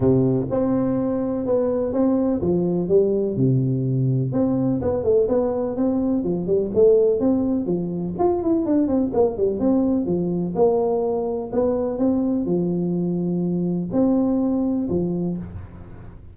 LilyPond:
\new Staff \with { instrumentName = "tuba" } { \time 4/4 \tempo 4 = 125 c4 c'2 b4 | c'4 f4 g4 c4~ | c4 c'4 b8 a8 b4 | c'4 f8 g8 a4 c'4 |
f4 f'8 e'8 d'8 c'8 ais8 g8 | c'4 f4 ais2 | b4 c'4 f2~ | f4 c'2 f4 | }